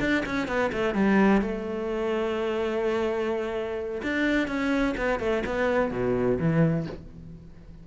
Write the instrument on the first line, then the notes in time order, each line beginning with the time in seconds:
cello
0.00 D4
0.26 C#4
0.48 B3
0.72 A3
0.95 G3
1.42 A3
4.03 D4
4.48 C#4
4.97 B3
5.20 A3
5.46 B3
5.91 B2
6.39 E3